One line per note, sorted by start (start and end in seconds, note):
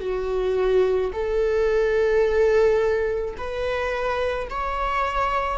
0.00 1.11 F#4
1.13 3.35 A4
3.37 4.48 B4
4.50 5.58 C#5